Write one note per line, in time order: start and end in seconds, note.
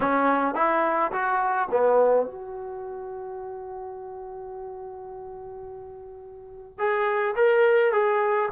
0.00 0.55 C#4
0.55 1.11 E4
1.12 1.68 F#4
1.71 2.26 B3
2.26 6.78 F#4
6.78 7.34 G#4
7.36 7.92 A#4
7.92 8.49 G#4